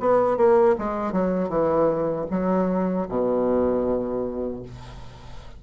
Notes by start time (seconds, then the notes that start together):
0.00 B3
0.37 A#3
0.78 G#3
1.13 F#3
1.49 E3
2.31 F#3
3.09 B2